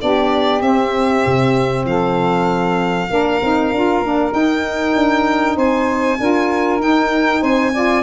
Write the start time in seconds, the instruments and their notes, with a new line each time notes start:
0.00 tuba B3, saxophone D4 G4, violin D5
0.60 saxophone C4, tuba C4, violin E5
1.26 tuba C3
1.85 tuba F3, saxophone A4, violin F5
3.09 tuba A#3, saxophone D4 A#4
3.41 tuba C4, saxophone D#4
3.72 tuba D4, saxophone F4
4.00 tuba A#3, saxophone D4
4.31 saxophone D#4, tuba D#4, violin G5
4.95 tuba D4
5.56 tuba C4, saxophone C5, violin G#5
6.19 tuba D4, saxophone F4 A#4
6.79 tuba D#4, saxophone D#4, violin G5
7.40 tuba C4, saxophone C5, violin G#5
7.73 saxophone F4 D5